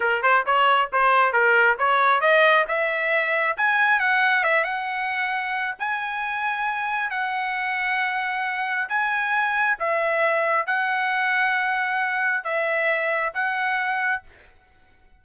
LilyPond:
\new Staff \with { instrumentName = "trumpet" } { \time 4/4 \tempo 4 = 135 ais'8 c''8 cis''4 c''4 ais'4 | cis''4 dis''4 e''2 | gis''4 fis''4 e''8 fis''4.~ | fis''4 gis''2. |
fis''1 | gis''2 e''2 | fis''1 | e''2 fis''2 | }